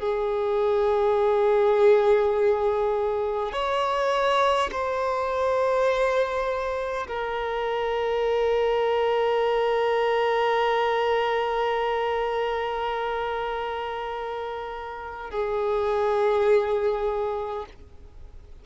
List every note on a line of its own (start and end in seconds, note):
0.00 3.52 G#4
3.52 4.70 C#5
4.72 7.07 C5
7.08 15.30 A#4
15.30 17.66 G#4